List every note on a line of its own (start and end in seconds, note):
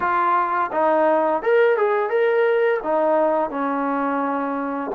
0.00 0.71 F4
0.72 1.42 D#4
1.42 1.77 A#4
1.77 2.09 G#4
2.09 2.80 A#4
2.83 3.50 D#4
3.50 4.91 C#4